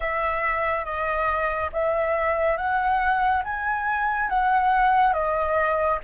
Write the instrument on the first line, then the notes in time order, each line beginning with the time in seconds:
flute
0.00 E5
0.85 D#5
1.72 E5
2.57 F#5
3.44 G#5
4.29 F#5
5.13 D#5